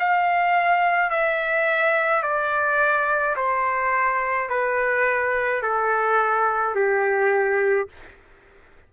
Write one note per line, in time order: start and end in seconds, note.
0.00 1.11 F5
1.11 2.23 E5
2.23 3.36 D5
3.37 4.50 C5
4.50 5.62 B4
5.62 6.76 A4
6.76 7.89 G4